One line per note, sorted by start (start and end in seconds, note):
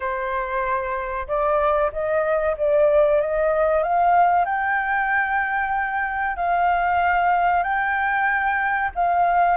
0.00 1.27 C5
1.27 1.91 D5
1.92 2.56 D#5
2.57 3.21 D5
3.21 3.83 D#5
3.83 4.45 F5
4.45 6.36 G5
6.36 7.63 F5
7.63 8.90 G5
8.95 9.57 F5